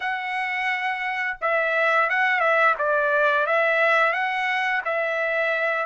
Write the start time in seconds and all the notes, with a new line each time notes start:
0.00 F#5
1.41 E5
2.09 F#5
2.39 E5
2.78 D5
3.46 E5
4.12 F#5
4.84 E5